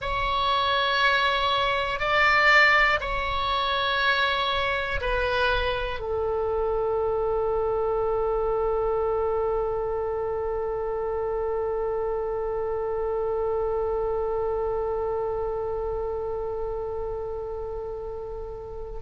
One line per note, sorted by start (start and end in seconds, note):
0.00 1.99 C#5
1.99 2.99 D5
3.00 5.00 C#5
5.00 6.00 B4
6.00 19.00 A4